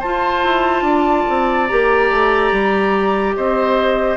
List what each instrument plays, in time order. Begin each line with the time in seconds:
0.00 bassoon F4, clarinet F4, oboe C5, flute A5
0.45 bassoon E4
0.82 bassoon D4, oboe D5
1.29 bassoon C4
1.67 bassoon A#3, clarinet G4, flute A#5
2.11 bassoon A3
2.52 bassoon G3
3.36 bassoon C4, oboe C5, flute D#5